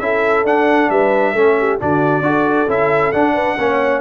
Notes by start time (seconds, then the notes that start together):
0.00 C#4 E4 A4 E5
0.44 D4 F#5
0.90 G3 B4 E5
1.33 A3 C#4 A4
1.59 G4
1.80 D3 D4 F#4 D5
2.21 D4 F#4 A4
2.68 C#4 E4 E5
3.13 D4 F#5
3.34 B4
3.59 A#3 C#4 C#5